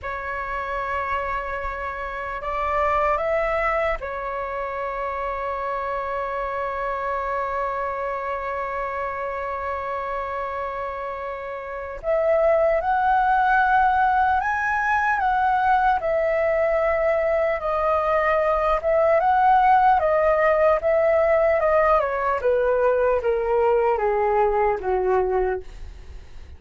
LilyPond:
\new Staff \with { instrumentName = "flute" } { \time 4/4 \tempo 4 = 75 cis''2. d''4 | e''4 cis''2.~ | cis''1~ | cis''2. e''4 |
fis''2 gis''4 fis''4 | e''2 dis''4. e''8 | fis''4 dis''4 e''4 dis''8 cis''8 | b'4 ais'4 gis'4 fis'4 | }